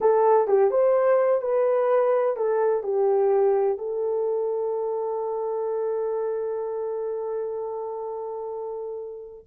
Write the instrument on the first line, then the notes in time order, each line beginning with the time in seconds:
horn
0.01 A4
0.47 G4
0.70 C5
1.41 B4
2.36 A4
2.83 G4
3.78 A4